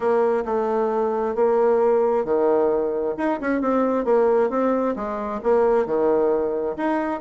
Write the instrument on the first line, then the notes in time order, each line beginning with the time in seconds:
bassoon
0.00 A#3
0.45 A3
1.35 A#3
2.24 D#3
3.17 D#4
3.40 C#4
3.61 C4
4.04 A#3
4.50 C4
4.95 G#3
5.43 A#3
5.86 D#3
6.77 D#4